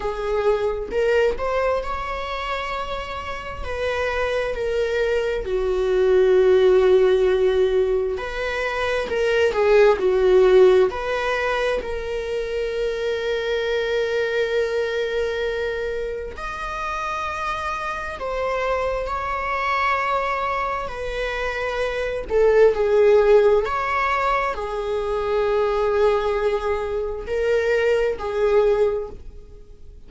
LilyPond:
\new Staff \with { instrumentName = "viola" } { \time 4/4 \tempo 4 = 66 gis'4 ais'8 c''8 cis''2 | b'4 ais'4 fis'2~ | fis'4 b'4 ais'8 gis'8 fis'4 | b'4 ais'2.~ |
ais'2 dis''2 | c''4 cis''2 b'4~ | b'8 a'8 gis'4 cis''4 gis'4~ | gis'2 ais'4 gis'4 | }